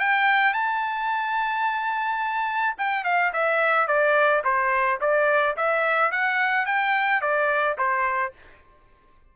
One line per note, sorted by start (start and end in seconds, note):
0.00 0.54 G5
0.54 2.76 A5
2.78 3.04 G5
3.04 3.32 F5
3.33 3.87 E5
3.87 4.43 D5
4.44 5.00 C5
5.01 5.57 D5
5.57 6.11 E5
6.11 6.66 F#5
6.66 7.21 G5
7.22 7.77 D5
7.78 8.33 C5